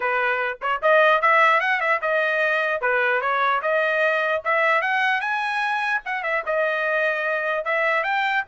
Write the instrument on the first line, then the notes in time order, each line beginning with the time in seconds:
trumpet
0.00 B4
0.61 C#5
0.82 D#5
1.21 E5
1.60 F#5
1.80 E5
2.01 D#5
2.81 B4
3.21 C#5
3.61 D#5
4.44 E5
4.81 F#5
5.20 G#5
6.05 F#5
6.23 E5
6.46 D#5
7.64 E5
8.03 G5